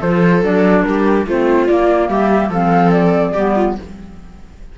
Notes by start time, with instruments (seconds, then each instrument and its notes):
0.00 cello F3, clarinet F4, viola A4, flute C5
0.43 cello F#3, clarinet D4, flute D5
0.84 cello G3, viola G4, flute A#4
1.27 cello A3, clarinet C4, viola F4, flute C5
1.67 clarinet A#3, cello A#3, flute D5
2.09 cello G3, viola G4, flute E5
2.50 cello F3, clarinet C4, viola A4, flute F5
2.92 flute D5
3.33 cello G3, clarinet B3, viola G4
3.56 viola F4